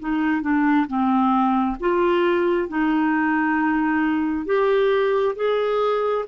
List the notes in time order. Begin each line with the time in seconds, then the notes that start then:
0.00 D#4
0.42 D4
0.88 C4
1.80 F4
2.69 D#4
4.46 G4
5.36 G#4